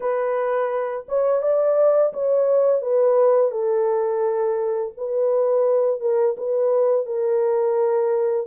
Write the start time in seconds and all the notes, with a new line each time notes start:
0.00 B4
1.08 C#5
1.41 D5
2.13 C#5
2.81 B4
3.51 A4
4.97 B4
6.00 A#4
6.37 B4
7.06 A#4